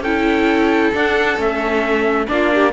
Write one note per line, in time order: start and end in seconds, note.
0.00 0.90 C#4
0.00 0.93 E4
0.00 2.25 A4
0.00 0.92 G5
0.93 1.36 D4
0.93 1.37 D4
0.93 1.40 F#5
1.36 2.27 A3
1.36 2.26 C#4
1.36 2.28 E5
2.26 2.72 A#3
2.26 2.71 D4
2.26 2.53 F4
2.26 2.72 D5
2.54 2.72 G4